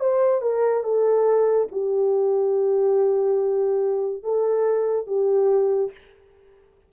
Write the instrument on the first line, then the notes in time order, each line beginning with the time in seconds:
horn
0.00 C5
0.42 A#4
0.83 A4
1.72 G4
4.23 A4
5.07 G4